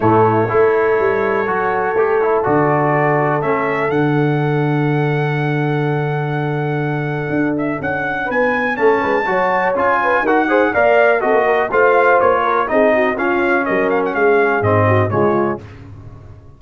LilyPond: <<
  \new Staff \with { instrumentName = "trumpet" } { \time 4/4 \tempo 4 = 123 cis''1~ | cis''4 d''2 e''4 | fis''1~ | fis''2.~ fis''8 e''8 |
fis''4 gis''4 a''2 | gis''4 fis''4 f''4 dis''4 | f''4 cis''4 dis''4 f''4 | dis''8 f''16 fis''16 f''4 dis''4 cis''4 | }
  \new Staff \with { instrumentName = "horn" } { \time 4/4 e'4 a'2.~ | a'1~ | a'1~ | a'1~ |
a'4 b'4 a'8 b'8 cis''4~ | cis''8 b'8 ais'8 c''8 d''4 a'8 ais'8 | c''4. ais'8 gis'8 fis'8 f'4 | ais'4 gis'4. fis'8 f'4 | }
  \new Staff \with { instrumentName = "trombone" } { \time 4/4 a4 e'2 fis'4 | g'8 e'8 fis'2 cis'4 | d'1~ | d'1~ |
d'2 cis'4 fis'4 | f'4 fis'8 gis'8 ais'4 fis'4 | f'2 dis'4 cis'4~ | cis'2 c'4 gis4 | }
  \new Staff \with { instrumentName = "tuba" } { \time 4/4 a,4 a4 g4 fis4 | a4 d2 a4 | d1~ | d2. d'4 |
cis'4 b4 a8 gis8 fis4 | cis'4 dis'4 ais4 c'16 ais8. | a4 ais4 c'4 cis'4 | fis4 gis4 gis,4 cis4 | }
>>